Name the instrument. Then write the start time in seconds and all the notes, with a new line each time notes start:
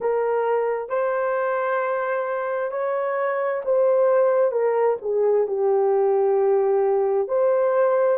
horn
0.00 A#4
0.89 C5
2.71 C#5
3.64 C5
4.51 A#4
5.01 G#4
5.47 G4
7.27 C5